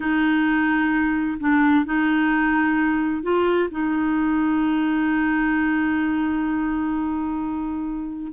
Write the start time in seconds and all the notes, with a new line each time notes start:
0.00 D#4
1.40 D4
1.85 D#4
3.23 F4
3.70 D#4